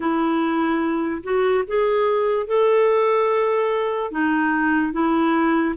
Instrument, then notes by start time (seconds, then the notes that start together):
clarinet
0.00 E4
1.23 F#4
1.67 G#4
2.47 A4
4.11 D#4
4.92 E4